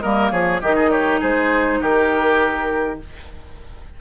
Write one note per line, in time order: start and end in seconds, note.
0.00 0.31 G3
0.00 0.61 A#3
0.00 0.31 A#4
0.00 0.30 D#5
0.31 0.61 F3
0.31 0.61 G#4
0.31 0.60 C#5
0.61 1.22 D#3
0.61 3.00 D#4
0.61 0.75 G4
0.61 0.90 D#5
0.75 0.90 G#4
0.90 1.20 G4
0.90 1.20 C#5
1.20 1.81 G#3
1.20 1.79 G#4
1.20 1.81 C5
1.80 2.99 D#3
1.80 2.99 G4
1.80 3.00 A#4